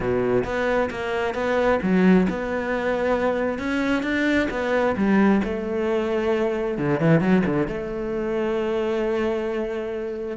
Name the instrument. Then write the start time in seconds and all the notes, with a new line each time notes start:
cello
0.00 B2
0.44 B3
0.90 A#3
1.34 B3
1.82 F#3
2.29 B3
3.58 C#4
4.03 D4
4.50 B3
4.96 G3
5.44 A3
6.78 D3
7.00 E3
7.20 F#3
7.46 D3
7.67 A3